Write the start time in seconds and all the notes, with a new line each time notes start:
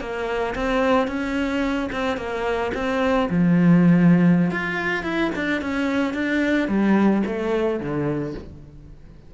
0.00 A#3
0.55 C4
1.07 C#4
1.92 C4
2.17 A#3
2.74 C4
3.30 F3
4.51 F4
5.03 E4
5.36 D4
5.62 C#4
6.14 D4
6.68 G3
7.26 A3
7.80 D3